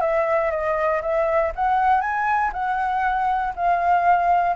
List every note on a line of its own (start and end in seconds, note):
0.00 0.50 E5
0.51 1.01 D#5
1.02 1.52 E5
1.55 2.01 F#5
2.01 2.51 G#5
2.53 3.54 F#5
3.55 4.56 F5